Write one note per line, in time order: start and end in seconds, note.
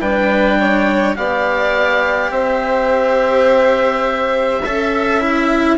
0.00 1.15 G3
0.00 1.14 D4
0.00 0.58 B4
0.00 1.16 G5
0.59 1.17 C#5
1.14 2.30 B3
1.14 4.60 G4
1.14 2.33 D5
1.14 2.31 F5
2.30 4.60 C4
2.30 4.62 C5
2.30 5.77 E5
4.62 5.78 C#4
4.62 5.20 A4
4.62 5.77 E5
5.20 5.78 E4